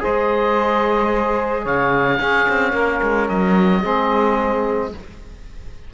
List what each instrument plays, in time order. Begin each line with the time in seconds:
0.00 trombone G#4, saxophone C5, oboe D#5
0.06 cello G#3
1.63 cello C#3, saxophone C#5, oboe F5
2.19 cello C#4, trombone C#4, saxophone G#4
2.49 cello C4
2.73 cello A#3, saxophone A#4
3.03 cello G#3
3.29 cello F#3, oboe D#5
3.82 cello G#3, trombone C4, saxophone G#4